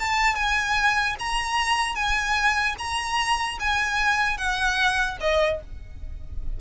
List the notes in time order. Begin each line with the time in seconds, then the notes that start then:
0.00 A5
0.36 G#5
1.20 A#5
1.96 G#5
2.79 A#5
3.60 G#5
4.38 F#5
5.21 D#5